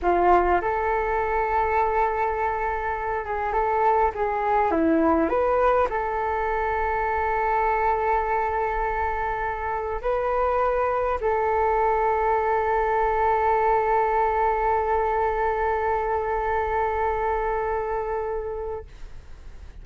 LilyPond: \new Staff \with { instrumentName = "flute" } { \time 4/4 \tempo 4 = 102 f'4 a'2.~ | a'4. gis'8 a'4 gis'4 | e'4 b'4 a'2~ | a'1~ |
a'4 b'2 a'4~ | a'1~ | a'1~ | a'1 | }